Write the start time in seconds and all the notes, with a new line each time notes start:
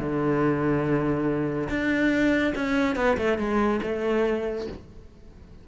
0.00 D3
1.70 D4
2.55 C#4
2.96 B3
3.18 A3
3.38 G#3
3.83 A3